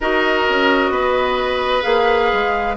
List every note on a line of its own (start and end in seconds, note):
0.00 0.47 D#4
0.00 1.82 F#4
0.00 0.91 A#4
0.00 1.82 D#5
0.49 0.89 C#4
0.89 1.82 B3
0.89 2.76 B4
1.82 2.31 A#3
1.82 2.74 G#4
1.82 2.75 F5
2.32 2.77 G#3